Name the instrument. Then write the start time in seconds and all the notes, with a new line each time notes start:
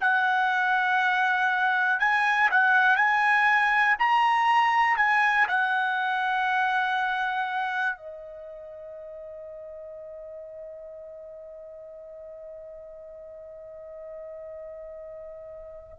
trumpet
0.00 F#5
2.00 G#5
2.51 F#5
2.96 G#5
3.99 A#5
4.97 G#5
5.48 F#5
7.97 D#5